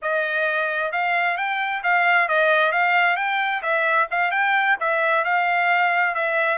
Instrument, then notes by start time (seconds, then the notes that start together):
trumpet
0.02 D#5
0.92 F5
1.37 G5
1.83 F5
2.28 D#5
2.71 F5
3.16 G5
3.62 E5
4.10 F5
4.31 G5
4.80 E5
5.24 F5
6.14 E5